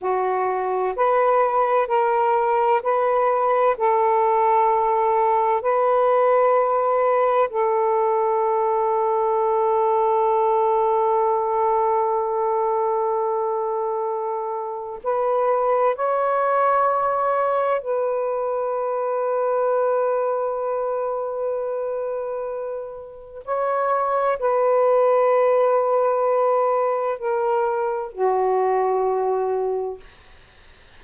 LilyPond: \new Staff \with { instrumentName = "saxophone" } { \time 4/4 \tempo 4 = 64 fis'4 b'4 ais'4 b'4 | a'2 b'2 | a'1~ | a'1 |
b'4 cis''2 b'4~ | b'1~ | b'4 cis''4 b'2~ | b'4 ais'4 fis'2 | }